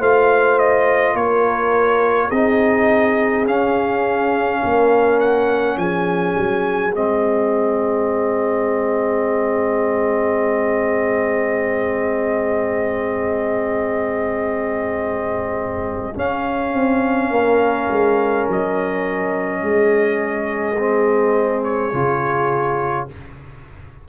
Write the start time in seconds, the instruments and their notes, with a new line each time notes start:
0.00 tuba A3, trombone F4, horn C5, trumpet F5
0.59 trumpet D#5
1.14 tuba A#3, horn A#4, trumpet C#5
2.29 tuba C4, trombone D#4, horn G#4, trumpet D#5
3.46 trombone C#4, tuba C#4, trumpet F5
4.64 tuba A#3, horn A#4
5.20 trumpet F#5
5.77 tuba F3, horn G#4, trumpet G#5
6.38 tuba F#3
6.93 tuba G#3, trombone C4, trumpet D#5
16.15 trombone C#4, tuba C#4, trumpet F5
16.74 tuba C4
17.31 tuba A#3, horn A#4
17.90 tuba G#3
18.49 tuba F#3, trumpet D#5
19.62 tuba G#3, horn G#4
20.79 trombone C4
21.64 trumpet C#5
21.93 tuba C#3, trombone F4